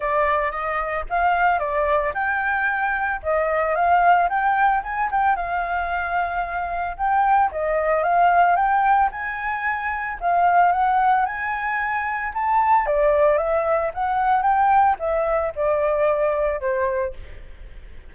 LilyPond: \new Staff \with { instrumentName = "flute" } { \time 4/4 \tempo 4 = 112 d''4 dis''4 f''4 d''4 | g''2 dis''4 f''4 | g''4 gis''8 g''8 f''2~ | f''4 g''4 dis''4 f''4 |
g''4 gis''2 f''4 | fis''4 gis''2 a''4 | d''4 e''4 fis''4 g''4 | e''4 d''2 c''4 | }